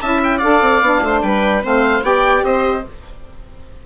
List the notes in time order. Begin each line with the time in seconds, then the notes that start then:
0.00 C#4 E4 E5 A5
0.23 G5
0.37 D4 A4 D5 F5
0.61 C4
0.81 B3 D4
1.01 A3 C5
1.22 G3 B4 G5
1.62 A3 C4 C5 F5
2.01 B3 G4 D5 G5
2.43 C4 C5 D#5